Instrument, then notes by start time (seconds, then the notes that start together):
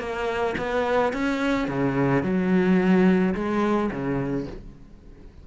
cello
0.00 A#3
0.58 B3
1.14 C#4
1.68 C#3
2.23 F#3
3.35 G#3
3.92 C#3